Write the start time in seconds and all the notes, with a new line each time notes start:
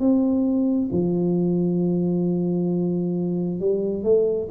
0.00 C4
0.92 F3
3.60 G3
4.03 A3